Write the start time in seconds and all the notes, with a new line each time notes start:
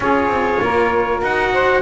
0.00 C#4 F4 G#4 C#5
0.28 C4
0.62 A#3 A#4
1.21 D#4 F#4 F#5
1.52 C5